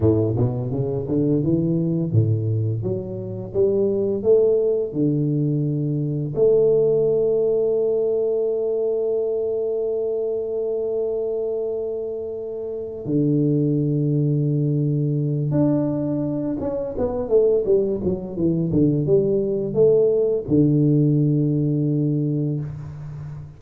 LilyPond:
\new Staff \with { instrumentName = "tuba" } { \time 4/4 \tempo 4 = 85 a,8 b,8 cis8 d8 e4 a,4 | fis4 g4 a4 d4~ | d4 a2.~ | a1~ |
a2~ a8 d4.~ | d2 d'4. cis'8 | b8 a8 g8 fis8 e8 d8 g4 | a4 d2. | }